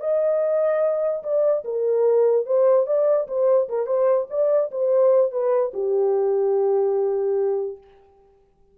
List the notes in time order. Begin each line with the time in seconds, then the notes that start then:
0.00 D#5
1.23 D5
1.64 A#4
2.46 C5
2.86 D5
3.27 C5
3.69 A#4
3.86 C5
4.30 D5
4.71 C5
5.32 B4
5.73 G4